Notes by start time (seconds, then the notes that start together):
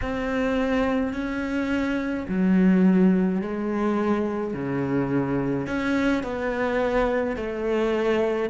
0.01 C4
1.13 C#4
2.28 F#3
3.41 G#3
4.53 C#3
5.67 C#4
6.23 B3
7.36 A3